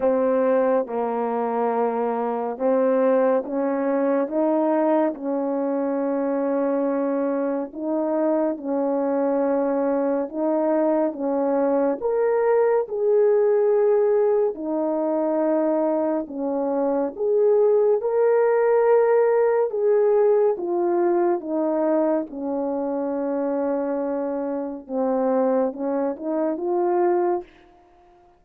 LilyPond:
\new Staff \with { instrumentName = "horn" } { \time 4/4 \tempo 4 = 70 c'4 ais2 c'4 | cis'4 dis'4 cis'2~ | cis'4 dis'4 cis'2 | dis'4 cis'4 ais'4 gis'4~ |
gis'4 dis'2 cis'4 | gis'4 ais'2 gis'4 | f'4 dis'4 cis'2~ | cis'4 c'4 cis'8 dis'8 f'4 | }